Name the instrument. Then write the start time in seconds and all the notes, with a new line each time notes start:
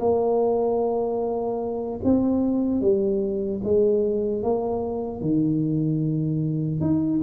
tuba
0.00 A#3
2.04 C4
2.81 G3
3.64 G#3
4.43 A#3
5.21 D#3
6.81 D#4